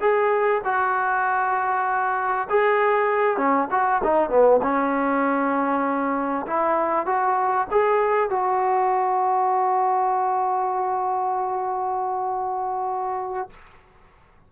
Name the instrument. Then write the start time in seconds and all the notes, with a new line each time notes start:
trombone
0.00 G#4
0.64 F#4
2.49 G#4
3.37 C#4
3.70 F#4
4.03 D#4
4.29 B3
4.62 C#4
6.46 E4
7.06 F#4
7.71 G#4
8.29 F#4